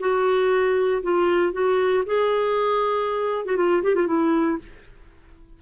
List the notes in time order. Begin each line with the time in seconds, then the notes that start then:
0.00 F#4
1.03 F4
1.53 F#4
2.06 G#4
3.46 F#4
3.57 F4
3.83 G4
3.95 F4
4.07 E4